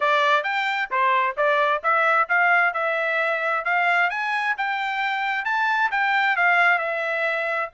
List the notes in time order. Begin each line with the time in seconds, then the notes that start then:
0.00 D5
0.43 G5
0.90 C5
1.36 D5
1.83 E5
2.29 F5
2.73 E5
3.64 F5
4.10 G#5
4.57 G5
5.44 A5
5.91 G5
6.36 F5
6.78 E5